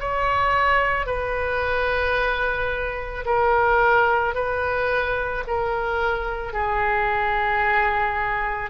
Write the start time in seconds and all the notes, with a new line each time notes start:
0.00 C#5
1.07 B4
3.25 A#4
4.35 B4
5.47 A#4
6.53 G#4